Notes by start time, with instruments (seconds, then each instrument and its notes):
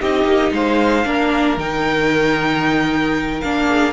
0.00 cello C4, viola D#4, violin G4 D#5
0.24 cello A#3
0.52 cello G#3, violin C5 F5
1.05 cello A#3, viola D4, violin A#4
1.57 cello D#3, viola D#4, violin G5
3.40 cello A#3, viola D4, violin F5
3.66 violin G#4